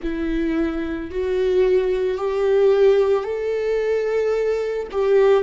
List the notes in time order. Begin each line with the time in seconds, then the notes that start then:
0.02 E4
1.11 F#4
2.17 G4
3.24 A4
4.91 G4